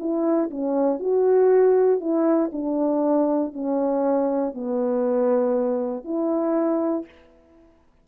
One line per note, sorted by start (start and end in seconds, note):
0.00 0.50 E4
0.51 1.00 C#4
1.00 2.01 F#4
2.01 2.51 E4
2.53 3.54 D4
3.54 4.54 C#4
4.54 6.05 B3
6.05 7.06 E4